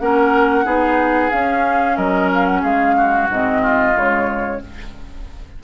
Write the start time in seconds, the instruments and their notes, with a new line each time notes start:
0.00 bassoon A#3, clarinet C#4, oboe A#4, flute F#5
0.65 bassoon B3, clarinet D#4, oboe G#4
1.31 clarinet C#4, bassoon C#4, flute F5
1.97 bassoon F#3, oboe A#4, flute D#5
2.34 flute F5
2.46 flute F#5
2.62 bassoon G#3, oboe G#4, flute F5
2.97 oboe F#4
3.29 bassoon G#2, clarinet C4, flute D#5
3.62 oboe F4
3.95 bassoon C#3, clarinet G#3, flute C#5